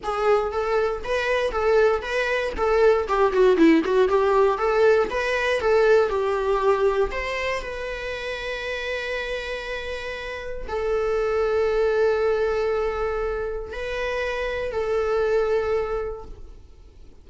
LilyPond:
\new Staff \with { instrumentName = "viola" } { \time 4/4 \tempo 4 = 118 gis'4 a'4 b'4 a'4 | b'4 a'4 g'8 fis'8 e'8 fis'8 | g'4 a'4 b'4 a'4 | g'2 c''4 b'4~ |
b'1~ | b'4 a'2.~ | a'2. b'4~ | b'4 a'2. | }